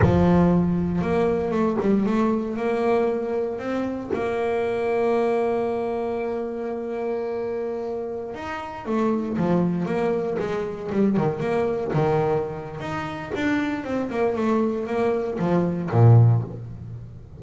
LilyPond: \new Staff \with { instrumentName = "double bass" } { \time 4/4 \tempo 4 = 117 f2 ais4 a8 g8 | a4 ais2 c'4 | ais1~ | ais1~ |
ais16 dis'4 a4 f4 ais8.~ | ais16 gis4 g8 dis8 ais4 dis8.~ | dis4 dis'4 d'4 c'8 ais8 | a4 ais4 f4 ais,4 | }